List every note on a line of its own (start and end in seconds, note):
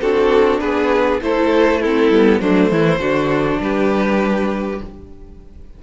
0.00 0.61 C4
0.00 1.21 D4
0.00 0.61 F#4
0.00 0.59 A4
0.59 1.21 B3
0.59 1.21 G#4
0.59 1.19 B4
1.21 2.08 A3
1.21 1.81 E4
1.21 1.80 A4
1.21 1.82 C5
1.80 2.13 C4
1.80 2.40 E4
1.80 2.41 A4
2.08 2.38 G3
2.08 2.42 B3
2.40 2.70 F#3
2.40 2.99 A3
2.40 2.70 D4
2.40 3.61 C5
2.70 2.99 E3
2.70 3.00 E4
2.99 3.59 D3
2.99 4.79 D4
2.99 3.60 F#4
3.60 4.80 G3
3.60 4.83 G4
3.60 4.81 B4